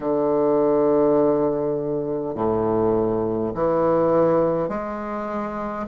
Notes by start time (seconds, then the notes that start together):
0.00 D3
2.35 A2
3.54 E3
4.68 G#3